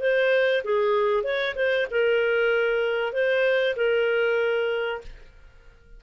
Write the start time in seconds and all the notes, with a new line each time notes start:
0.00 C5
0.64 G#4
1.23 C#5
1.55 C5
1.91 A#4
3.12 C5
3.76 A#4